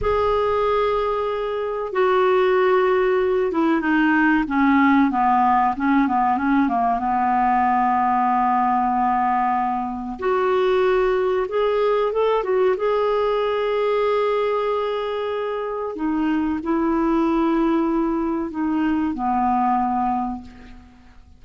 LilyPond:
\new Staff \with { instrumentName = "clarinet" } { \time 4/4 \tempo 4 = 94 gis'2. fis'4~ | fis'4. e'8 dis'4 cis'4 | b4 cis'8 b8 cis'8 ais8 b4~ | b1 |
fis'2 gis'4 a'8 fis'8 | gis'1~ | gis'4 dis'4 e'2~ | e'4 dis'4 b2 | }